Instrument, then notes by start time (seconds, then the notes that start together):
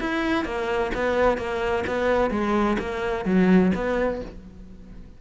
cello
0.00 E4
0.45 A#3
0.94 B3
1.38 A#3
1.87 B3
2.30 G#3
2.79 A#3
3.25 F#3
3.75 B3